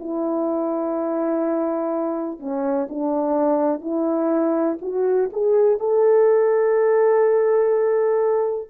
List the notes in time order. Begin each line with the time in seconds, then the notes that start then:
0.00 E4
2.40 C#4
2.90 D4
3.81 E4
4.82 F#4
5.33 G#4
5.80 A4